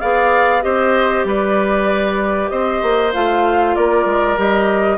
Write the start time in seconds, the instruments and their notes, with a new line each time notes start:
0.00 bassoon B3, clarinet G#4, oboe D5, flute F5
0.61 bassoon C4, clarinet G4, oboe C5, flute D#5
1.24 bassoon G3, oboe B4, flute D5
2.49 bassoon C4, oboe C5, flute D#5
2.82 bassoon A#3
3.13 bassoon A3, clarinet F4, flute F5
3.75 bassoon A#3, oboe A#4, flute D5
4.05 bassoon G#3
4.37 bassoon G3, clarinet G4, flute D#5